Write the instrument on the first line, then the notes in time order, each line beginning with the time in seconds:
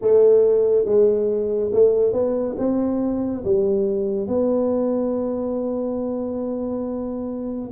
tuba
0.01 A3
0.85 G#3
1.72 A3
2.12 B3
2.58 C4
3.44 G3
4.27 B3